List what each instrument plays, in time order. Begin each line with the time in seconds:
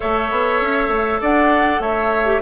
0.00 bassoon A3, clarinet A4, oboe C#5, flute E5
0.31 bassoon B3
0.61 bassoon C#4
0.88 bassoon A3
1.20 bassoon D4, oboe D5, flute F#5
1.79 bassoon A3, oboe C#5, flute E5
2.25 clarinet G4